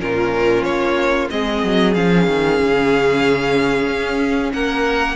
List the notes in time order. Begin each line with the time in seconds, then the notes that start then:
0.00 A#2 C#4 F4 A#4
0.64 A#3 C#5
1.31 G#3 C4 G#4 D#5
1.64 F#3
1.94 F3 C#4 F5
2.28 D#3
2.60 C#3
3.88 C#4
4.54 A#3 A#4 F#5